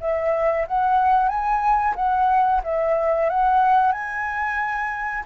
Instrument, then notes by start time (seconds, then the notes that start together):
flute
0.00 E5
0.67 F#5
1.28 G#5
1.96 F#5
2.63 E5
3.29 F#5
3.92 G#5